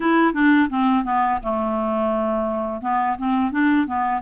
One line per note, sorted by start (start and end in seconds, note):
0.00 0.33 E4
0.33 0.69 D4
0.69 1.04 C4
1.04 1.39 B3
1.42 2.81 A3
2.81 3.17 B3
3.18 3.51 C4
3.51 3.86 D4
3.86 4.22 B3